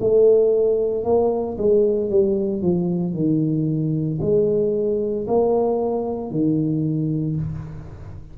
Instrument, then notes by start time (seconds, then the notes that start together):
tuba
0.00 A3
1.04 A#3
1.57 G#3
2.10 G3
2.62 F3
3.14 D#3
4.21 G#3
5.27 A#3
6.31 D#3